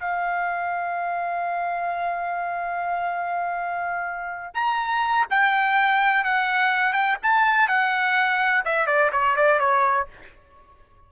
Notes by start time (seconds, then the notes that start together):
0.00 F5
4.54 A#5
5.30 G5
6.25 F#5
6.93 G5
7.23 A5
7.68 F#5
8.65 E5
8.87 D5
9.12 C#5
9.36 D5
9.60 C#5